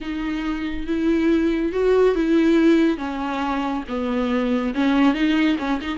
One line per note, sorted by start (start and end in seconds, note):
0.01 0.86 D#4
0.86 1.72 E4
1.72 2.15 F#4
2.15 2.97 E4
2.97 3.83 C#4
3.88 4.74 B3
4.74 5.14 C#4
5.14 5.57 D#4
5.58 5.80 C#4
5.81 5.98 D#4